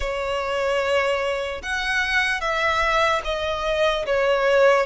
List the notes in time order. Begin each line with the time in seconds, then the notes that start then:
0.00 C#5
1.62 F#5
2.40 E5
3.24 D#5
4.05 C#5